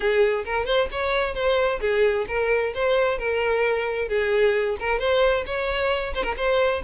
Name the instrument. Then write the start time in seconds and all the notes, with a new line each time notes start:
violin
0.00 G#4
0.44 A#4
0.65 C5
0.91 C#5
1.34 C5
1.80 G#4
2.27 A#4
2.74 C5
3.18 A#4
4.08 G#4
4.79 A#4
4.99 C5
5.45 C#5
6.14 C5
6.23 A#4
6.37 C5